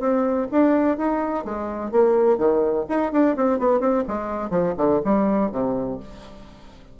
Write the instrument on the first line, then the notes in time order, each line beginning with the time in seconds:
bassoon
0.00 C4
0.52 D4
0.98 D#4
1.45 G#3
1.92 A#3
2.38 D#3
2.89 D#4
3.13 D4
3.37 C4
3.59 B3
3.80 C4
4.08 G#3
4.50 F3
4.78 D3
5.05 G3
5.52 C3